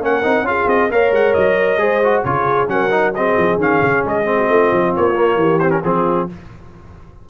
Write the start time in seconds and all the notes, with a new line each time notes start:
0.00 A#3 C#4 A#4 F#5
0.22 C4 D#4
0.42 C#4 F4 G#4 F5
0.66 C4 D#5
0.90 A#3 A#4 C#5 F5
1.11 G#3 F#5
1.33 F#3 D#5
1.77 G#3 G#4 C5
2.03 F#4
2.24 C#3 F4 G#4 C#5
2.67 F#3 C#4 A#4 F#5
2.90 D#4
3.14 C4 G#4 D#5
3.37 F3
3.57 D#3 C#4 F5
3.82 C#3
4.04 G#3 D#5
4.24 C4
4.36 F#4
4.49 A3 F4
4.72 F3
4.96 A#3 C#5
5.15 A#3
5.35 E3 G4
5.59 C4 C5
5.70 C#4 A#4
5.84 F3 C4 F4 G#4